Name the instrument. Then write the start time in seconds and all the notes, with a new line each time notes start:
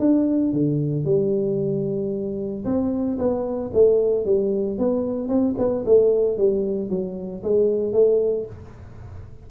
tuba
0.00 D4
0.53 D3
1.05 G3
2.65 C4
3.19 B3
3.74 A3
4.26 G3
4.79 B3
5.29 C4
5.58 B3
5.86 A3
6.38 G3
6.90 F#3
7.44 G#3
7.93 A3